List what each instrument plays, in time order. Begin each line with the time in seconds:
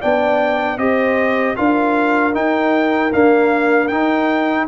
0.00 tuba B3, trombone D4, horn D5, trumpet G5
0.77 tuba C4, trombone G4, horn C5, trumpet D#5
1.55 tuba D4, trombone F4, horn A#4, trumpet F5
2.33 trombone D#4, tuba D#4, trumpet G5
3.12 trombone A#3, tuba D4, trumpet F5
3.87 trombone D#4, tuba D#4, trumpet G5